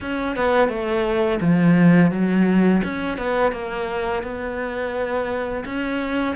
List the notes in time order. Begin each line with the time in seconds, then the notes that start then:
0.00 C#4
0.36 B3
0.69 A3
1.41 F3
2.11 F#3
2.83 C#4
3.17 B3
3.52 A#3
4.22 B3
5.65 C#4